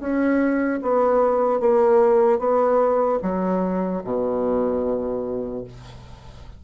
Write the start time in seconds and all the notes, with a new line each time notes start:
0.00 C#4
0.82 B3
1.60 A#3
2.39 B3
3.22 F#3
4.04 B2